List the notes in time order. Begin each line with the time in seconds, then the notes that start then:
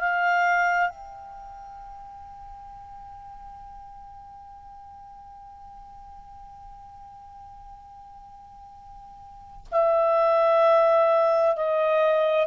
0.00 F5
0.90 G5
9.72 E5
11.56 D#5